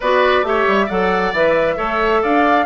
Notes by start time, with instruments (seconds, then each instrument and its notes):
0.00 bassoon B3, clarinet F#4, oboe B4, flute D5
0.43 bassoon A3, clarinet G4, oboe C#5, flute E5
0.67 bassoon G3
0.86 bassoon F#3, clarinet A4, oboe D5, flute F#5
1.32 bassoon E3, clarinet B4, flute E5
1.76 bassoon A3, clarinet A4, oboe C#5
2.22 bassoon D4, oboe D5, flute F5